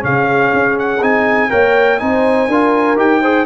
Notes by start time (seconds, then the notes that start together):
0.00 C#3 C#4 G#4 F5
0.53 C#4
0.79 F#5
1.02 C4 D#4 G#5
1.49 A#3 A#4 C#5 G5
1.99 C4 D#4 C5 G#5
2.48 D4 F4 A#4
2.97 D#4 G4 G5
3.22 G#4 C5